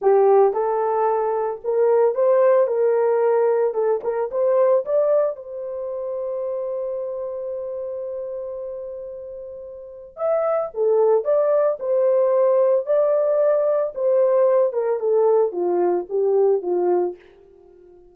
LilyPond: \new Staff \with { instrumentName = "horn" } { \time 4/4 \tempo 4 = 112 g'4 a'2 ais'4 | c''4 ais'2 a'8 ais'8 | c''4 d''4 c''2~ | c''1~ |
c''2. e''4 | a'4 d''4 c''2 | d''2 c''4. ais'8 | a'4 f'4 g'4 f'4 | }